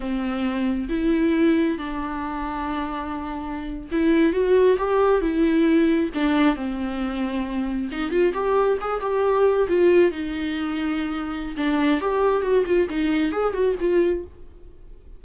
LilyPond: \new Staff \with { instrumentName = "viola" } { \time 4/4 \tempo 4 = 135 c'2 e'2 | d'1~ | d'8. e'4 fis'4 g'4 e'16~ | e'4.~ e'16 d'4 c'4~ c'16~ |
c'4.~ c'16 dis'8 f'8 g'4 gis'16~ | gis'16 g'4. f'4 dis'4~ dis'16~ | dis'2 d'4 g'4 | fis'8 f'8 dis'4 gis'8 fis'8 f'4 | }